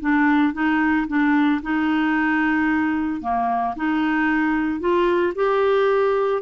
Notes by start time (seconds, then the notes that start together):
0.00 D4
0.53 D#4
1.07 D4
1.62 D#4
3.21 A#3
3.76 D#4
4.79 F4
5.35 G4